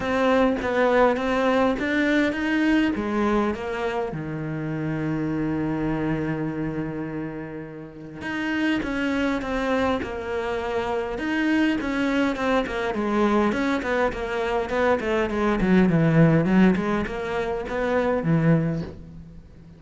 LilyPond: \new Staff \with { instrumentName = "cello" } { \time 4/4 \tempo 4 = 102 c'4 b4 c'4 d'4 | dis'4 gis4 ais4 dis4~ | dis1~ | dis2 dis'4 cis'4 |
c'4 ais2 dis'4 | cis'4 c'8 ais8 gis4 cis'8 b8 | ais4 b8 a8 gis8 fis8 e4 | fis8 gis8 ais4 b4 e4 | }